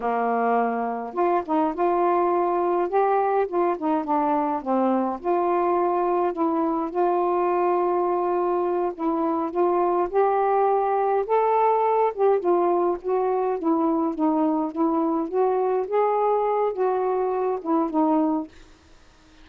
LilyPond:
\new Staff \with { instrumentName = "saxophone" } { \time 4/4 \tempo 4 = 104 ais2 f'8 dis'8 f'4~ | f'4 g'4 f'8 dis'8 d'4 | c'4 f'2 e'4 | f'2.~ f'8 e'8~ |
e'8 f'4 g'2 a'8~ | a'4 g'8 f'4 fis'4 e'8~ | e'8 dis'4 e'4 fis'4 gis'8~ | gis'4 fis'4. e'8 dis'4 | }